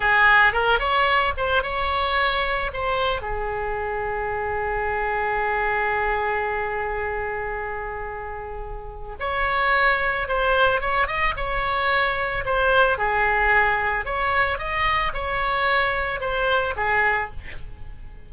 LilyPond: \new Staff \with { instrumentName = "oboe" } { \time 4/4 \tempo 4 = 111 gis'4 ais'8 cis''4 c''8 cis''4~ | cis''4 c''4 gis'2~ | gis'1~ | gis'1~ |
gis'4 cis''2 c''4 | cis''8 dis''8 cis''2 c''4 | gis'2 cis''4 dis''4 | cis''2 c''4 gis'4 | }